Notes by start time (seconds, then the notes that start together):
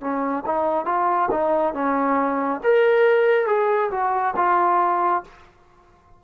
0.00 C#4
0.45 D#4
0.85 F4
1.31 D#4
1.74 C#4
2.63 A#4
3.46 G#4
3.91 F#4
4.36 F4